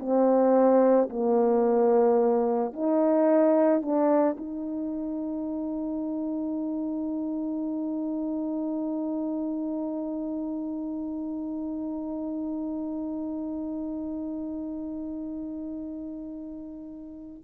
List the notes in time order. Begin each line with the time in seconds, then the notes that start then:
0.00 C4
1.09 A#3
2.73 D#4
3.82 D4
4.37 D#4